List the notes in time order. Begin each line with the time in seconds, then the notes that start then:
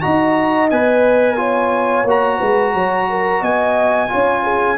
0.00 D#4 F#4 D#5 A#5
0.70 B3 B4 G#5
1.36 F4 C#5
2.04 A#3 F#4 A#5
2.38 G#3 B4
2.74 F#3 C#5
3.09 A#4
3.41 B3 D#5 G#5
4.08 C#4 F4 C#5
4.43 G#4